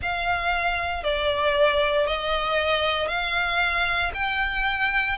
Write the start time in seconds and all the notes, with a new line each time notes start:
0.02 F5
1.03 D5
2.06 D#5
3.08 F5
4.14 G5